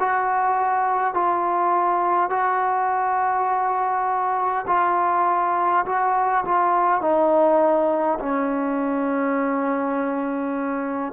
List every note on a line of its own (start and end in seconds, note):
0.00 1.14 F#4
1.14 2.30 F4
2.30 4.66 F#4
4.67 5.85 F4
5.86 6.45 F#4
6.45 7.02 F4
7.02 8.19 D#4
8.20 11.13 C#4